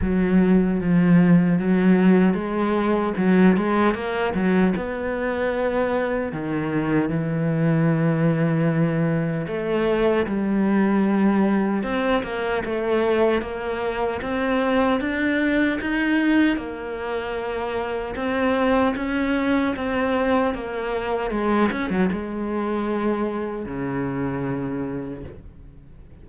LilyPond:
\new Staff \with { instrumentName = "cello" } { \time 4/4 \tempo 4 = 76 fis4 f4 fis4 gis4 | fis8 gis8 ais8 fis8 b2 | dis4 e2. | a4 g2 c'8 ais8 |
a4 ais4 c'4 d'4 | dis'4 ais2 c'4 | cis'4 c'4 ais4 gis8 cis'16 fis16 | gis2 cis2 | }